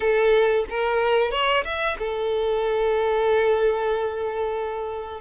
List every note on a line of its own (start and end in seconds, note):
0.00 0.65 A4
0.69 1.31 A#4
1.31 1.63 C#5
1.64 1.97 E5
1.99 5.21 A4